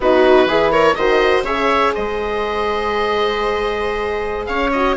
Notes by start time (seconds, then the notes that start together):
0.00 B3 D#4 F#4 B4
0.45 E3 E4 G#4
0.71 A#4 C#5
0.95 D#3 F#4 C5 D#5
1.42 C#3 G#4 C#5 E5
1.94 G#3 C5 D#5
4.46 C#4 C#5 F5
4.71 F#4 D#5